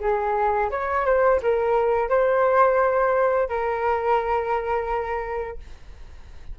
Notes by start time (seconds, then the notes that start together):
0.00 G#4
0.70 C#5
1.05 C5
1.42 A#4
2.09 C5
3.49 A#4